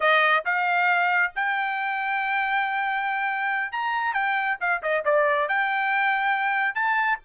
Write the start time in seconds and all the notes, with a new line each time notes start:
0.00 D#5
0.45 F5
1.35 G5
3.72 A#5
4.13 G5
4.60 F5
4.82 D#5
5.04 D5
5.48 G5
6.74 A5